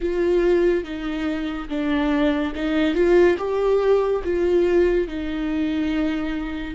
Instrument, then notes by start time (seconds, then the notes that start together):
viola
0.00 F4
0.84 D#4
1.68 D4
2.55 D#4
2.94 F4
3.38 G4
4.23 F4
5.07 D#4